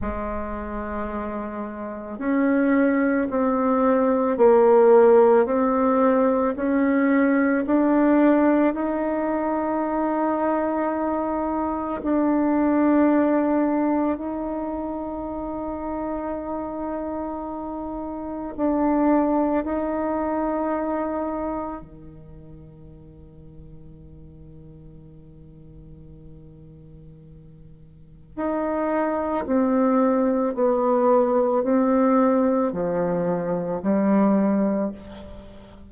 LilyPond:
\new Staff \with { instrumentName = "bassoon" } { \time 4/4 \tempo 4 = 55 gis2 cis'4 c'4 | ais4 c'4 cis'4 d'4 | dis'2. d'4~ | d'4 dis'2.~ |
dis'4 d'4 dis'2 | dis1~ | dis2 dis'4 c'4 | b4 c'4 f4 g4 | }